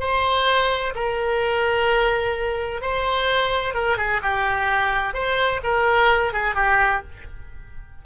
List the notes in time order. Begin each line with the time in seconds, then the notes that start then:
0.00 C5
0.95 A#4
2.82 C5
3.75 A#4
3.98 G#4
4.22 G4
5.14 C5
5.64 A#4
6.33 G#4
6.55 G4